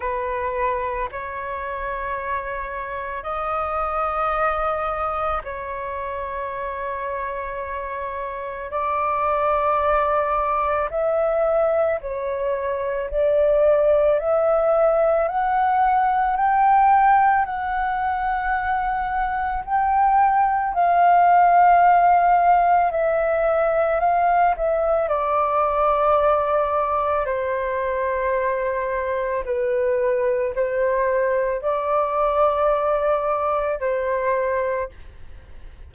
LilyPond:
\new Staff \with { instrumentName = "flute" } { \time 4/4 \tempo 4 = 55 b'4 cis''2 dis''4~ | dis''4 cis''2. | d''2 e''4 cis''4 | d''4 e''4 fis''4 g''4 |
fis''2 g''4 f''4~ | f''4 e''4 f''8 e''8 d''4~ | d''4 c''2 b'4 | c''4 d''2 c''4 | }